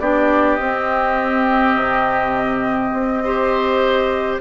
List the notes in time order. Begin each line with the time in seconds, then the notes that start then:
0.00 B3 D4 G4 D5
0.56 C4 D#5
1.75 C3
2.93 C4
3.24 G4 C5